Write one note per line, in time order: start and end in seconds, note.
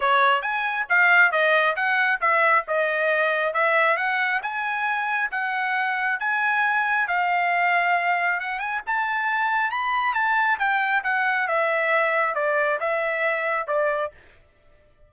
0.00 0.42 C#5
0.42 0.86 G#5
0.89 1.31 F5
1.31 1.75 D#5
1.75 2.20 F#5
2.20 2.65 E5
2.67 3.53 D#5
3.53 3.97 E5
3.97 4.41 F#5
4.42 5.30 G#5
5.31 6.19 F#5
6.19 7.07 G#5
7.07 8.39 F5
8.39 8.59 F#5
8.59 8.81 G#5
8.86 9.70 A5
9.70 10.14 B5
10.14 10.58 A5
10.58 11.03 G5
11.03 11.47 F#5
11.47 12.34 E5
12.34 12.79 D5
12.80 13.67 E5
13.67 14.11 D5